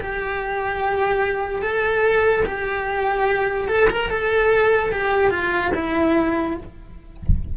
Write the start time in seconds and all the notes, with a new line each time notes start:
0.00 G4
1.62 A4
2.45 G4
3.68 A4
3.90 A#4
4.10 A4
4.92 G4
5.31 F4
5.74 E4